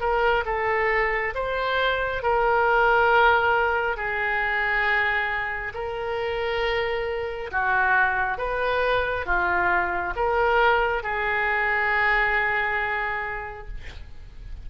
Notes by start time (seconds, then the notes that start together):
0.00 A#4
0.45 A4
1.35 C5
2.23 A#4
3.97 G#4
5.74 A#4
7.51 F#4
8.37 B4
9.26 F4
10.16 A#4
11.03 G#4